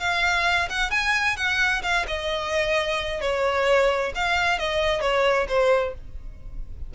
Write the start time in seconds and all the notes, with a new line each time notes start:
0.00 F5
0.70 F#5
0.91 G#5
1.37 F#5
1.83 F5
2.08 D#5
3.21 C#5
4.15 F5
4.59 D#5
5.01 C#5
5.49 C5